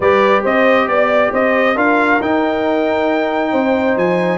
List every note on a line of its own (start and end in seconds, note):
0.00 0.41 G3
0.00 1.75 G4
0.00 0.42 B4
0.00 0.44 D5
0.42 0.87 C4
0.42 0.86 C5
0.42 0.88 D#5
0.87 1.31 B3
0.87 1.32 D5
0.87 1.33 D5
1.32 1.75 C4
1.32 1.75 C5
1.32 1.77 D#5
1.75 2.19 D4
1.75 2.19 F4
1.75 3.51 A#4
1.75 2.21 F5
2.20 3.52 D#4
2.20 4.38 D#4
2.20 3.98 G5
3.51 3.96 C4
3.51 4.38 C5
3.96 4.38 F3
3.96 4.38 G#5